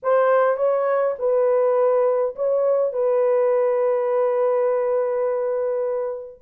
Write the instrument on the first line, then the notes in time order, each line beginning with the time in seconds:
horn
0.03 C5
0.57 C#5
1.18 B4
2.35 C#5
2.93 B4